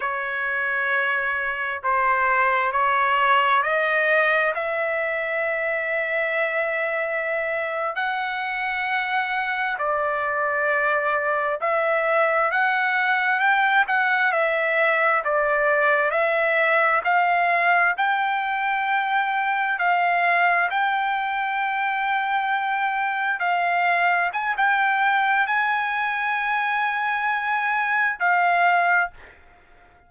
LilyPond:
\new Staff \with { instrumentName = "trumpet" } { \time 4/4 \tempo 4 = 66 cis''2 c''4 cis''4 | dis''4 e''2.~ | e''8. fis''2 d''4~ d''16~ | d''8. e''4 fis''4 g''8 fis''8 e''16~ |
e''8. d''4 e''4 f''4 g''16~ | g''4.~ g''16 f''4 g''4~ g''16~ | g''4.~ g''16 f''4 gis''16 g''4 | gis''2. f''4 | }